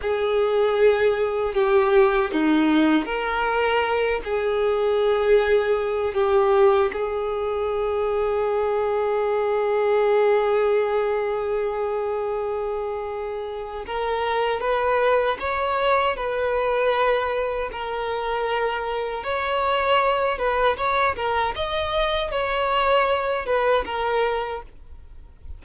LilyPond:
\new Staff \with { instrumentName = "violin" } { \time 4/4 \tempo 4 = 78 gis'2 g'4 dis'4 | ais'4. gis'2~ gis'8 | g'4 gis'2.~ | gis'1~ |
gis'2 ais'4 b'4 | cis''4 b'2 ais'4~ | ais'4 cis''4. b'8 cis''8 ais'8 | dis''4 cis''4. b'8 ais'4 | }